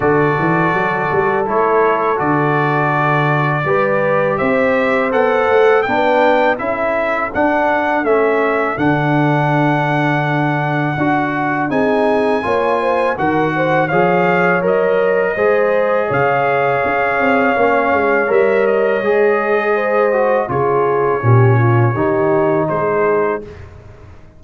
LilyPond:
<<
  \new Staff \with { instrumentName = "trumpet" } { \time 4/4 \tempo 4 = 82 d''2 cis''4 d''4~ | d''2 e''4 fis''4 | g''4 e''4 fis''4 e''4 | fis''1 |
gis''2 fis''4 f''4 | dis''2 f''2~ | f''4 e''8 dis''2~ dis''8 | cis''2. c''4 | }
  \new Staff \with { instrumentName = "horn" } { \time 4/4 a'1~ | a'4 b'4 c''2 | b'4 a'2.~ | a'1 |
gis'4 cis''8 c''8 ais'8 c''8 cis''4~ | cis''4 c''4 cis''2~ | cis''2. c''4 | gis'4 g'8 f'8 g'4 gis'4 | }
  \new Staff \with { instrumentName = "trombone" } { \time 4/4 fis'2 e'4 fis'4~ | fis'4 g'2 a'4 | d'4 e'4 d'4 cis'4 | d'2. fis'4 |
dis'4 f'4 fis'4 gis'4 | ais'4 gis'2. | cis'4 ais'4 gis'4. fis'8 | f'4 cis'4 dis'2 | }
  \new Staff \with { instrumentName = "tuba" } { \time 4/4 d8 e8 fis8 g8 a4 d4~ | d4 g4 c'4 b8 a8 | b4 cis'4 d'4 a4 | d2. d'4 |
c'4 ais4 dis4 f4 | fis4 gis4 cis4 cis'8 c'8 | ais8 gis8 g4 gis2 | cis4 ais,4 dis4 gis4 | }
>>